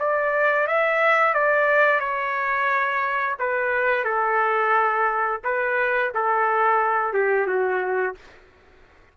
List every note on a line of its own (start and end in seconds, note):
0.00 0.67 D5
0.67 1.34 E5
1.34 2.00 D5
2.00 3.37 C#5
3.39 4.04 B4
4.04 5.41 A4
5.44 6.12 B4
6.15 7.13 A4
7.13 7.47 G4
7.47 8.15 F#4